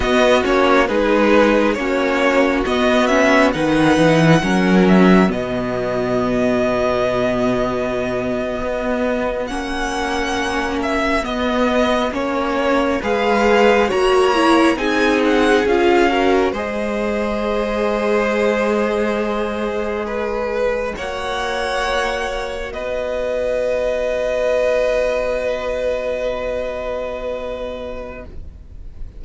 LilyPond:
<<
  \new Staff \with { instrumentName = "violin" } { \time 4/4 \tempo 4 = 68 dis''8 cis''8 b'4 cis''4 dis''8 e''8 | fis''4. e''8 dis''2~ | dis''2~ dis''8. fis''4~ fis''16~ | fis''16 e''8 dis''4 cis''4 f''4 ais''16~ |
ais''8. gis''8 fis''8 f''4 dis''4~ dis''16~ | dis''2.~ dis''8. fis''16~ | fis''4.~ fis''16 dis''2~ dis''16~ | dis''1 | }
  \new Staff \with { instrumentName = "violin" } { \time 4/4 fis'4 gis'4 fis'2 | b'4 ais'4 fis'2~ | fis'1~ | fis'2~ fis'8. b'4 cis''16~ |
cis''8. gis'4. ais'8 c''4~ c''16~ | c''2~ c''8. b'4 cis''16~ | cis''4.~ cis''16 b'2~ b'16~ | b'1 | }
  \new Staff \with { instrumentName = "viola" } { \time 4/4 b8 cis'8 dis'4 cis'4 b8 cis'8 | dis'4 cis'4 b2~ | b2~ b8. cis'4~ cis'16~ | cis'8. b4 cis'4 gis'4 fis'16~ |
fis'16 e'8 dis'4 f'8 fis'8 gis'4~ gis'16~ | gis'2.~ gis'8. fis'16~ | fis'1~ | fis'1 | }
  \new Staff \with { instrumentName = "cello" } { \time 4/4 b8 ais8 gis4 ais4 b4 | dis8 e8 fis4 b,2~ | b,4.~ b,16 b4 ais4~ ais16~ | ais8. b4 ais4 gis4 ais16~ |
ais8. c'4 cis'4 gis4~ gis16~ | gis2.~ gis8. ais16~ | ais4.~ ais16 b2~ b16~ | b1 | }
>>